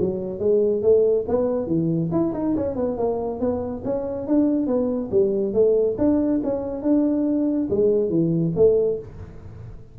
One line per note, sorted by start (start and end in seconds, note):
0.00 0.40 F#3
0.40 0.83 G#3
0.83 1.26 A3
1.29 1.67 B3
1.67 2.10 E3
2.12 2.34 E4
2.34 2.56 D#4
2.56 2.76 C#4
2.76 2.98 B3
2.98 3.40 A#3
3.40 3.83 B3
3.85 4.28 C#4
4.28 4.67 D4
4.67 5.10 B3
5.12 5.54 G3
5.54 5.97 A3
5.98 6.41 D4
6.44 6.83 C#4
6.83 7.69 D4
7.70 8.10 G#3
8.10 8.53 E3
8.56 8.99 A3